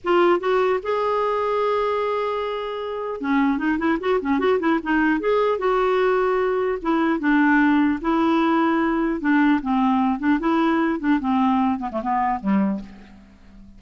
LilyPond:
\new Staff \with { instrumentName = "clarinet" } { \time 4/4 \tempo 4 = 150 f'4 fis'4 gis'2~ | gis'1 | cis'4 dis'8 e'8 fis'8 cis'8 fis'8 e'8 | dis'4 gis'4 fis'2~ |
fis'4 e'4 d'2 | e'2. d'4 | c'4. d'8 e'4. d'8 | c'4. b16 a16 b4 g4 | }